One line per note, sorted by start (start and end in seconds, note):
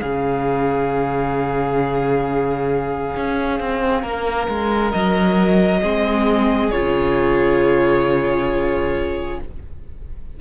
0.00 3.16 C#3
0.00 5.83 C#4
0.00 4.02 G#4
0.00 4.92 F5
3.17 3.60 C#4
3.60 4.04 C4
4.02 4.49 A#3
4.02 5.81 A#4
4.49 4.93 G#3
4.92 5.83 F#3
4.92 6.71 D#5
5.83 6.71 G#3
5.83 6.72 C4
5.83 9.41 G#4
6.71 9.40 C#3
6.71 9.41 F4
6.71 9.40 C#5